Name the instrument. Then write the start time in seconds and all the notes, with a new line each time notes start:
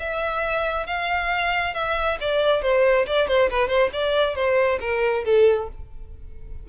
violin
0.00 E5
0.87 F5
1.74 E5
2.21 D5
2.62 C5
3.07 D5
3.28 C5
3.50 B4
3.68 C5
3.93 D5
4.36 C5
4.81 A#4
5.25 A4